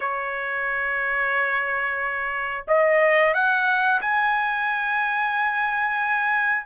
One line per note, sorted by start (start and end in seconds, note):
0.00 2.65 C#5
2.67 3.34 D#5
3.34 4.00 F#5
4.01 6.66 G#5